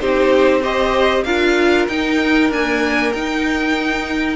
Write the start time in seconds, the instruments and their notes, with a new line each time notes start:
0.00 cello C4, viola D#4, violin G4 C5
0.61 viola G4, violin C5 D#5
1.24 cello D4, viola F4, violin A#4 F5
1.88 cello D#4, viola D#4, violin G5
2.50 viola A#3, cello D4, violin G#5
3.13 cello D#4, viola D#4, violin G5